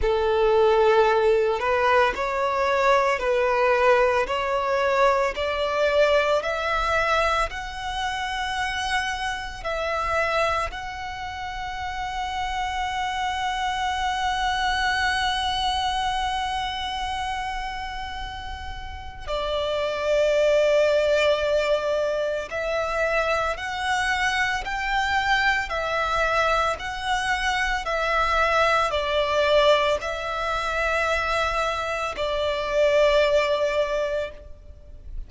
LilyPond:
\new Staff \with { instrumentName = "violin" } { \time 4/4 \tempo 4 = 56 a'4. b'8 cis''4 b'4 | cis''4 d''4 e''4 fis''4~ | fis''4 e''4 fis''2~ | fis''1~ |
fis''2 d''2~ | d''4 e''4 fis''4 g''4 | e''4 fis''4 e''4 d''4 | e''2 d''2 | }